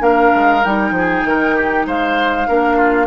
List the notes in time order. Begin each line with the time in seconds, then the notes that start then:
0.00 A#3 D4 A#4 F5
0.35 G#3
0.64 G3 D#4 G5
0.91 F3 G#4
1.25 D#3 A#4
1.56 G4
1.86 G#3 C5 F5
2.48 A#3 D4 A#4
2.77 F4